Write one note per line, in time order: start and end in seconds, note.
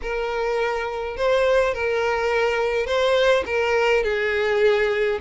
0.02 1.16 A#4
1.16 1.73 C5
1.73 2.86 A#4
2.86 3.44 C5
3.45 4.03 A#4
4.03 5.19 G#4